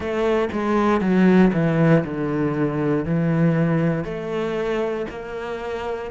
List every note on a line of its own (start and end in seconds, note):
0.00 0.48 A3
0.52 1.00 G#3
1.00 1.51 F#3
1.53 2.03 E3
2.04 3.05 D3
3.05 4.04 E3
4.04 5.06 A3
5.09 6.11 A#3